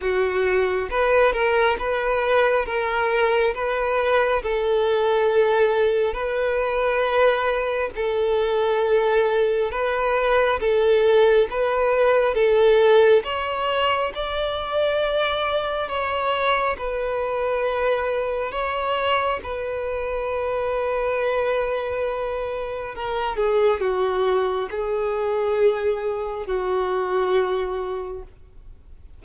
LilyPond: \new Staff \with { instrumentName = "violin" } { \time 4/4 \tempo 4 = 68 fis'4 b'8 ais'8 b'4 ais'4 | b'4 a'2 b'4~ | b'4 a'2 b'4 | a'4 b'4 a'4 cis''4 |
d''2 cis''4 b'4~ | b'4 cis''4 b'2~ | b'2 ais'8 gis'8 fis'4 | gis'2 fis'2 | }